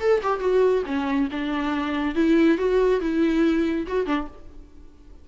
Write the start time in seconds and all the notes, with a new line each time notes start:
0.00 A4
0.23 G4
0.40 F#4
0.86 C#4
1.31 D4
2.15 E4
2.58 F#4
3.01 E4
3.87 F#4
4.06 D4